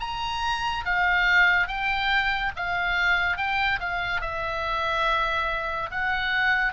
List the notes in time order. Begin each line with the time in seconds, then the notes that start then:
0.00 A#5
0.85 F5
1.67 G5
2.56 F5
3.37 G5
3.80 F5
4.21 E5
5.91 F#5